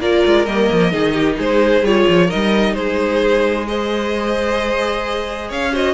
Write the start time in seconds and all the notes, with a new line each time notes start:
0.00 A#3 F4 A#4 D5
0.26 G#3
0.46 G3 A#3 D#5
0.72 F3
0.92 D#3 D#4 G#4
1.13 G4
1.37 G#3 G#4 C5
1.82 G3 F4 C#5
2.09 F3
2.27 D#4 A#4 D#5
2.34 G3
2.74 G#3 G#4 C5
3.68 G#4 C5 D#5
5.49 C#4 C#5 F5
5.73 F#4 C5 D#5